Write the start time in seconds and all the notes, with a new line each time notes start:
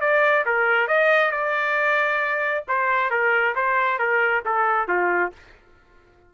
0.00 D5
0.45 A#4
0.87 D#5
1.31 D5
2.67 C5
3.10 A#4
3.55 C5
3.98 A#4
4.45 A4
4.88 F4